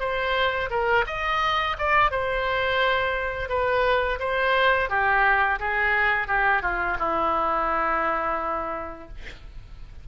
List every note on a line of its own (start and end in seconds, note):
0.00 0.70 C5
0.71 1.06 A#4
1.07 1.77 D#5
1.79 2.11 D5
2.11 3.49 C5
3.49 4.19 B4
4.20 4.90 C5
4.90 5.59 G4
5.59 6.28 G#4
6.28 6.62 G4
6.62 6.97 F4
6.99 9.09 E4